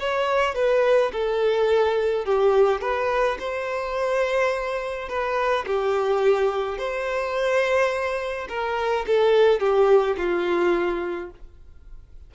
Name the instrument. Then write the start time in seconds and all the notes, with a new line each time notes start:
violin
0.00 C#5
0.55 B4
1.13 A4
2.25 G4
2.81 B4
3.40 C5
5.09 B4
5.67 G4
6.78 C5
8.49 A#4
9.07 A4
9.60 G4
10.18 F4